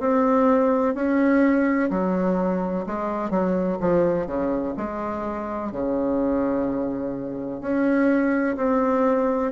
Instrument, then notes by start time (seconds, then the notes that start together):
bassoon
0.00 C4
0.95 C#4
1.90 F#3
2.87 G#3
3.31 F#3
3.81 F3
4.27 C#3
4.77 G#3
5.72 C#3
7.61 C#4
8.57 C4